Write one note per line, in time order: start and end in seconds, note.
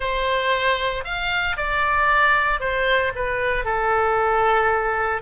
0.00 1.04 C5
1.04 1.56 F5
1.57 2.60 D5
2.60 3.12 C5
3.15 3.65 B4
3.65 5.21 A4